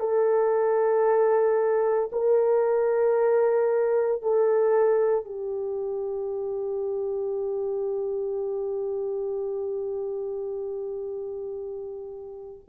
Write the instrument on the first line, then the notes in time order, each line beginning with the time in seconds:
horn
0.00 A4
2.12 A#4
4.22 A4
5.25 G4